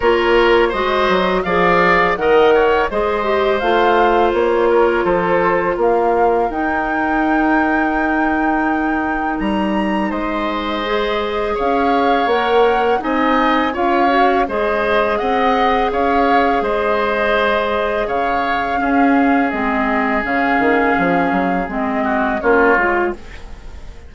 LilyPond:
<<
  \new Staff \with { instrumentName = "flute" } { \time 4/4 \tempo 4 = 83 cis''4 dis''4 f''4 fis''4 | dis''4 f''4 cis''4 c''4 | f''4 g''2.~ | g''4 ais''4 dis''2 |
f''4 fis''4 gis''4 f''4 | dis''4 fis''4 f''4 dis''4~ | dis''4 f''2 dis''4 | f''2 dis''4 cis''4 | }
  \new Staff \with { instrumentName = "oboe" } { \time 4/4 ais'4 c''4 d''4 dis''8 cis''8 | c''2~ c''8 ais'8 a'4 | ais'1~ | ais'2 c''2 |
cis''2 dis''4 cis''4 | c''4 dis''4 cis''4 c''4~ | c''4 cis''4 gis'2~ | gis'2~ gis'8 fis'8 f'4 | }
  \new Staff \with { instrumentName = "clarinet" } { \time 4/4 f'4 fis'4 gis'4 ais'4 | gis'8 g'8 f'2.~ | f'4 dis'2.~ | dis'2. gis'4~ |
gis'4 ais'4 dis'4 f'8 fis'8 | gis'1~ | gis'2 cis'4 c'4 | cis'2 c'4 cis'8 f'8 | }
  \new Staff \with { instrumentName = "bassoon" } { \time 4/4 ais4 gis8 fis8 f4 dis4 | gis4 a4 ais4 f4 | ais4 dis'2.~ | dis'4 g4 gis2 |
cis'4 ais4 c'4 cis'4 | gis4 c'4 cis'4 gis4~ | gis4 cis4 cis'4 gis4 | cis8 dis8 f8 fis8 gis4 ais8 gis8 | }
>>